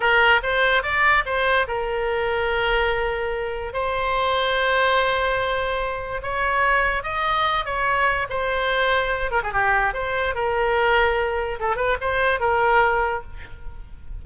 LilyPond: \new Staff \with { instrumentName = "oboe" } { \time 4/4 \tempo 4 = 145 ais'4 c''4 d''4 c''4 | ais'1~ | ais'4 c''2.~ | c''2. cis''4~ |
cis''4 dis''4. cis''4. | c''2~ c''8 ais'16 gis'16 g'4 | c''4 ais'2. | a'8 b'8 c''4 ais'2 | }